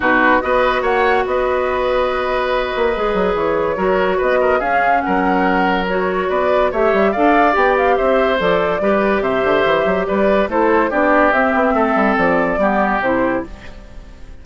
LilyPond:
<<
  \new Staff \with { instrumentName = "flute" } { \time 4/4 \tempo 4 = 143 b'4 dis''4 fis''4 dis''4~ | dis''1 | cis''2 dis''4 f''4 | fis''2 cis''4 d''4 |
e''4 f''4 g''8 f''8 e''4 | d''2 e''2 | d''4 c''4 d''4 e''4~ | e''4 d''2 c''4 | }
  \new Staff \with { instrumentName = "oboe" } { \time 4/4 fis'4 b'4 cis''4 b'4~ | b'1~ | b'4 ais'4 b'8 ais'8 gis'4 | ais'2. b'4 |
cis''4 d''2 c''4~ | c''4 b'4 c''2 | b'4 a'4 g'2 | a'2 g'2 | }
  \new Staff \with { instrumentName = "clarinet" } { \time 4/4 dis'4 fis'2.~ | fis'2. gis'4~ | gis'4 fis'2 cis'4~ | cis'2 fis'2 |
g'4 a'4 g'2 | a'4 g'2.~ | g'4 e'4 d'4 c'4~ | c'2 b4 e'4 | }
  \new Staff \with { instrumentName = "bassoon" } { \time 4/4 b,4 b4 ais4 b4~ | b2~ b8 ais8 gis8 fis8 | e4 fis4 b4 cis'4 | fis2. b4 |
a8 g8 d'4 b4 c'4 | f4 g4 c8 d8 e8 fis8 | g4 a4 b4 c'8 b8 | a8 g8 f4 g4 c4 | }
>>